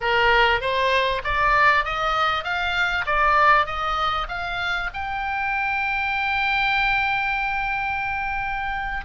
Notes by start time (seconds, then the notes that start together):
0.01 A#4
0.60 C5
1.24 D5
1.85 D#5
2.44 F5
3.06 D5
3.65 D#5
4.28 F5
4.93 G5